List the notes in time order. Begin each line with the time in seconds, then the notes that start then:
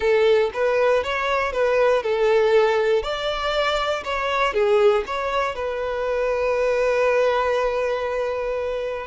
0.00 A4
0.53 B4
1.03 C#5
1.52 B4
2.02 A4
3.03 D5
4.04 C#5
4.53 G#4
5.06 C#5
5.55 B4